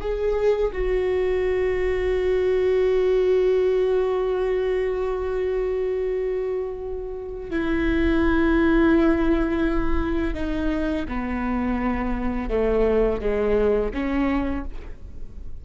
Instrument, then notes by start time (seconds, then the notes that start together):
viola
0.00 G#4
0.72 F#4
7.50 E4
10.34 D#4
11.08 B3
12.49 A3
13.20 G#3
13.93 C#4